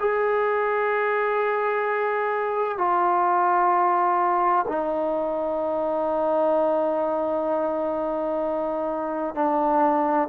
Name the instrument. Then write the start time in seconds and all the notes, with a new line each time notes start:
trombone
0.00 G#4
2.78 F4
4.68 D#4
9.35 D4